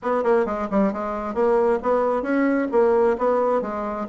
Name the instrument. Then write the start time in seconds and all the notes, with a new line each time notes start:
bassoon
0.02 B3
0.23 A#3
0.45 G#3
0.70 G3
0.92 G#3
1.34 A#3
1.82 B3
2.22 C#4
2.71 A#3
3.18 B3
3.61 G#3